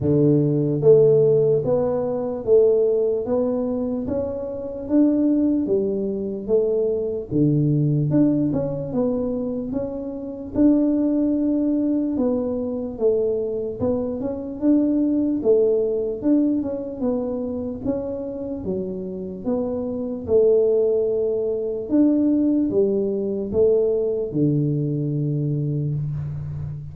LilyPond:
\new Staff \with { instrumentName = "tuba" } { \time 4/4 \tempo 4 = 74 d4 a4 b4 a4 | b4 cis'4 d'4 g4 | a4 d4 d'8 cis'8 b4 | cis'4 d'2 b4 |
a4 b8 cis'8 d'4 a4 | d'8 cis'8 b4 cis'4 fis4 | b4 a2 d'4 | g4 a4 d2 | }